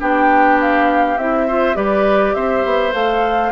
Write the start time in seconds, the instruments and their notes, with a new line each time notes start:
0.00 bassoon B3, clarinet D4, oboe G4, flute G5
0.61 flute F5
1.18 bassoon C4, clarinet E4, flute E5
1.48 clarinet F4, oboe C5
1.75 bassoon G3, clarinet G4, oboe B4, flute D5
2.35 bassoon C4, oboe C5, flute E5
2.65 bassoon B3
2.92 bassoon A3, clarinet A4, flute F5